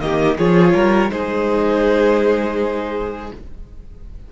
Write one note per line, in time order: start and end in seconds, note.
0.00 0.37 D#3
0.00 0.37 A#3
0.00 0.37 G4
0.00 0.37 D#5
0.37 0.73 F3
0.37 1.09 F4
0.37 0.73 G#4
0.37 1.10 C#5
0.73 1.10 G3
0.73 1.10 A#4
1.09 3.31 G#3
1.09 3.29 D#4
1.09 3.32 G#4
1.09 3.30 C5